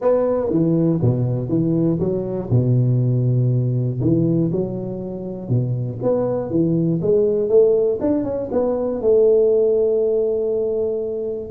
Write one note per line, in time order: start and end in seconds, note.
0.01 0.50 B3
0.50 1.00 E3
1.01 1.48 B2
1.48 1.98 E3
1.99 2.49 F#3
2.50 4.00 B2
4.00 4.50 E3
4.52 5.48 F#3
5.48 5.98 B2
6.02 6.50 B3
6.50 7.00 E3
7.01 7.48 G#3
7.48 7.98 A3
8.00 8.24 D4
8.24 8.49 C#4
8.51 9.01 B3
9.01 11.50 A3